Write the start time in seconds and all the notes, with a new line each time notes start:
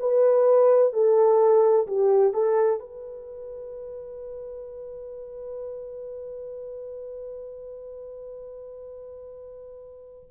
0.00 B4
0.93 A4
1.87 G4
2.34 A4
2.80 B4